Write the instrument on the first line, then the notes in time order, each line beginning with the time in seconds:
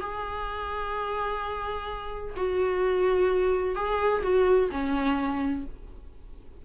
viola
0.00 G#4
2.36 F#4
3.75 G#4
4.23 F#4
4.71 C#4